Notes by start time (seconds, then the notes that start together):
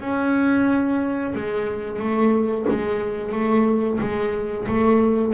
0.00 C#4
1.34 G#3
1.99 A3
2.69 G#3
3.32 A3
4.00 G#3
4.68 A3